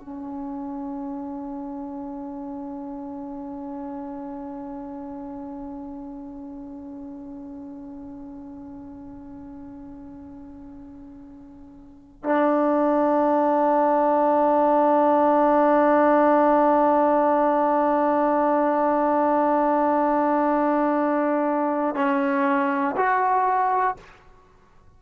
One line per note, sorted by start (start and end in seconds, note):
0.00 12.23 C#4
12.23 21.95 D4
21.95 22.95 C#4
22.96 23.96 F#4